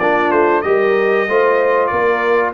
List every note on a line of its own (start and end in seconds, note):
0.00 0.32 A#3
0.00 0.64 D4
0.00 0.65 F4
0.00 0.31 D5
0.31 0.64 A3
0.31 0.62 C5
0.62 1.28 G3
0.62 1.28 G4
0.62 1.29 A#4
0.62 1.87 D#5
1.28 1.92 A3
1.28 2.54 F4
1.28 1.91 C5
1.87 2.54 A#3
1.87 2.54 A#4
1.87 2.51 D5